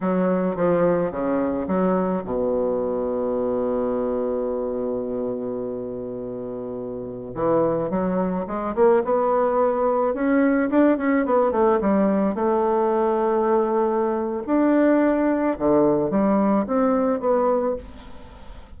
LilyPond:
\new Staff \with { instrumentName = "bassoon" } { \time 4/4 \tempo 4 = 108 fis4 f4 cis4 fis4 | b,1~ | b,1~ | b,4~ b,16 e4 fis4 gis8 ais16~ |
ais16 b2 cis'4 d'8 cis'16~ | cis'16 b8 a8 g4 a4.~ a16~ | a2 d'2 | d4 g4 c'4 b4 | }